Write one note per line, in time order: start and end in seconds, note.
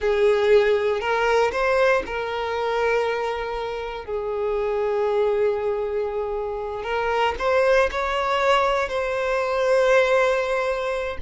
0.00 1.00 G#4
1.00 1.51 A#4
1.52 2.02 C5
2.06 4.05 A#4
4.05 6.83 G#4
6.83 7.34 A#4
7.38 7.89 C5
7.91 8.88 C#5
8.88 11.17 C5